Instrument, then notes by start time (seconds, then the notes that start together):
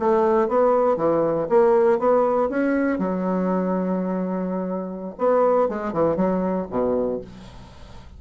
bassoon
0.00 A3
0.49 B3
0.97 E3
1.49 A#3
1.99 B3
2.50 C#4
2.99 F#3
5.19 B3
5.69 G#3
5.94 E3
6.17 F#3
6.70 B2